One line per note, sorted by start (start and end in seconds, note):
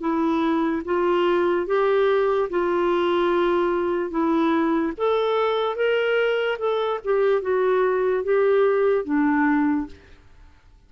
0.00 0.82 E4
0.85 1.67 F4
1.67 2.49 G4
2.50 4.10 F4
4.10 4.92 E4
4.97 5.75 A4
5.75 6.58 A#4
6.58 6.99 A4
7.04 7.42 G4
7.42 8.23 F#4
8.23 9.04 G4
9.04 9.87 D4